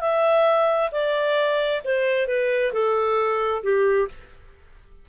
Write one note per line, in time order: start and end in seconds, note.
0.00 0.90 E5
0.91 1.82 D5
1.84 2.27 C5
2.27 2.72 B4
2.73 3.63 A4
3.63 4.08 G4